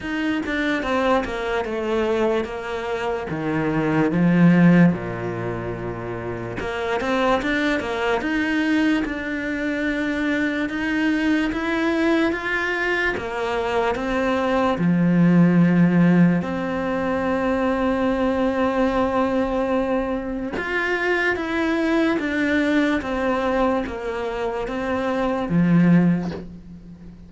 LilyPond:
\new Staff \with { instrumentName = "cello" } { \time 4/4 \tempo 4 = 73 dis'8 d'8 c'8 ais8 a4 ais4 | dis4 f4 ais,2 | ais8 c'8 d'8 ais8 dis'4 d'4~ | d'4 dis'4 e'4 f'4 |
ais4 c'4 f2 | c'1~ | c'4 f'4 e'4 d'4 | c'4 ais4 c'4 f4 | }